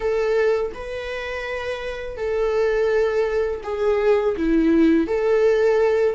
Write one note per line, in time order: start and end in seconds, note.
0.00 0.72 A4
0.74 2.17 B4
2.17 3.61 A4
3.63 4.35 G#4
4.36 5.07 E4
5.07 6.15 A4